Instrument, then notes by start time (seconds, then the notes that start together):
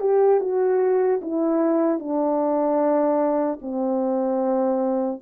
horn
0.00 G4
0.40 F#4
1.21 E4
1.99 D4
3.61 C4